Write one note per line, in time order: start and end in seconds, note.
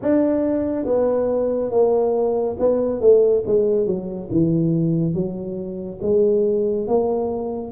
0.01 0.85 D4
0.85 1.70 B3
1.70 2.56 A#3
2.59 3.00 B3
3.00 3.43 A3
3.46 3.86 G#3
3.86 4.29 F#3
4.31 5.14 E3
5.14 5.99 F#3
6.02 6.87 G#3
6.87 7.71 A#3